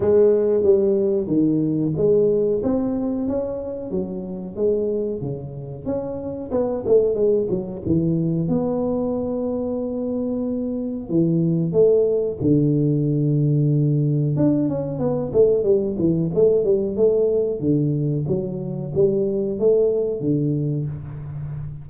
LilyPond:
\new Staff \with { instrumentName = "tuba" } { \time 4/4 \tempo 4 = 92 gis4 g4 dis4 gis4 | c'4 cis'4 fis4 gis4 | cis4 cis'4 b8 a8 gis8 fis8 | e4 b2.~ |
b4 e4 a4 d4~ | d2 d'8 cis'8 b8 a8 | g8 e8 a8 g8 a4 d4 | fis4 g4 a4 d4 | }